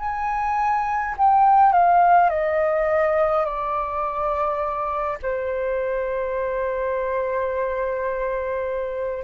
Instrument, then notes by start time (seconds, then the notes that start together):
flute
0.00 G#5
1.17 G5
1.73 F5
2.30 D#5
3.45 D5
5.22 C5